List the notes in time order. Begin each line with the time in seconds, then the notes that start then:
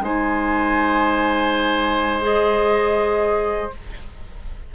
0.00 G#3 D#4 C5 G#5
2.22 G#4 D#5